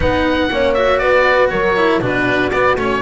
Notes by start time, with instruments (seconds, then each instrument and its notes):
0.00 double bass B3, cello D#4, horn B4, oboe F#5
0.50 double bass A#3, cello C#4, horn C#5
0.74 cello F#4, oboe E5
0.98 double bass B3, horn B4, oboe D5
1.49 double bass F#3, horn A#4, oboe C#5
1.76 cello E4
2.00 double bass B2, cello D4, horn F#4, oboe B4
2.50 cello B3, double bass B3, oboe D5
2.76 double bass A3, cello C#4, oboe C#5